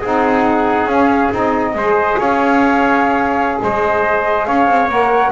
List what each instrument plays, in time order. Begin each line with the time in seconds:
0.00 double bass C4, saxophone D#4, trumpet G#4, flute F#5
0.86 double bass C#4, saxophone C#4, flute F5
1.31 double bass C4, saxophone D#4, flute D#5
1.74 double bass G#3, trumpet C5
1.80 saxophone G#4
2.18 double bass C#4, trumpet C#5, flute F5
3.61 double bass G#3, trumpet C5, flute D#5
4.45 double bass C#4, trumpet C#5, flute F5
4.67 double bass C4
4.88 double bass A#3, saxophone A#4, flute F#5